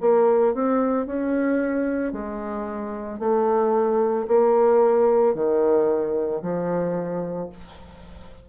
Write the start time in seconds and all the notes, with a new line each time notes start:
0.00 A#3
0.54 C4
1.06 C#4
2.12 G#3
3.19 A3
4.27 A#3
5.34 D#3
6.41 F3